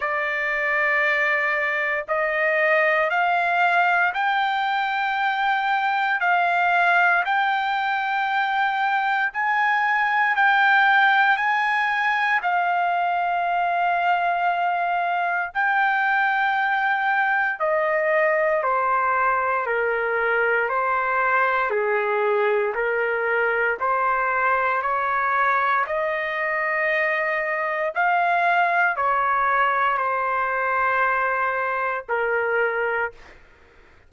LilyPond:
\new Staff \with { instrumentName = "trumpet" } { \time 4/4 \tempo 4 = 58 d''2 dis''4 f''4 | g''2 f''4 g''4~ | g''4 gis''4 g''4 gis''4 | f''2. g''4~ |
g''4 dis''4 c''4 ais'4 | c''4 gis'4 ais'4 c''4 | cis''4 dis''2 f''4 | cis''4 c''2 ais'4 | }